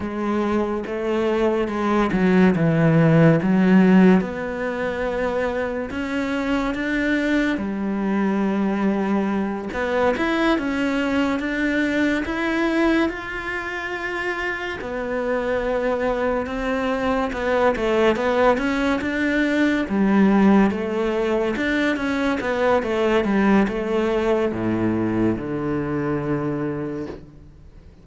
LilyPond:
\new Staff \with { instrumentName = "cello" } { \time 4/4 \tempo 4 = 71 gis4 a4 gis8 fis8 e4 | fis4 b2 cis'4 | d'4 g2~ g8 b8 | e'8 cis'4 d'4 e'4 f'8~ |
f'4. b2 c'8~ | c'8 b8 a8 b8 cis'8 d'4 g8~ | g8 a4 d'8 cis'8 b8 a8 g8 | a4 a,4 d2 | }